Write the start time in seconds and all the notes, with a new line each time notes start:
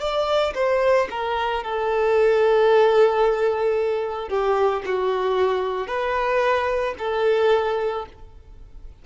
0.00 D5
0.55 C5
1.11 A#4
1.64 A4
4.29 G4
4.86 F#4
5.87 B4
6.98 A4